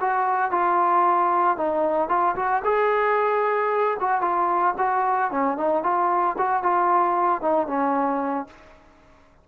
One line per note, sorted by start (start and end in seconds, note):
0.00 0.51 F#4
0.51 1.57 F4
1.57 2.08 D#4
2.08 2.35 F4
2.35 2.62 F#4
2.64 3.97 G#4
4.00 4.21 F#4
4.21 4.74 F4
4.78 5.31 F#4
5.31 5.57 C#4
5.57 5.83 D#4
5.83 6.36 F4
6.37 6.62 F#4
6.62 7.41 F4
7.41 7.67 D#4
7.67 8.47 C#4